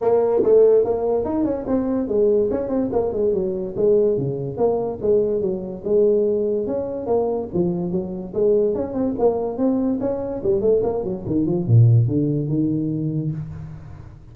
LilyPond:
\new Staff \with { instrumentName = "tuba" } { \time 4/4 \tempo 4 = 144 ais4 a4 ais4 dis'8 cis'8 | c'4 gis4 cis'8 c'8 ais8 gis8 | fis4 gis4 cis4 ais4 | gis4 fis4 gis2 |
cis'4 ais4 f4 fis4 | gis4 cis'8 c'8 ais4 c'4 | cis'4 g8 a8 ais8 fis8 dis8 f8 | ais,4 d4 dis2 | }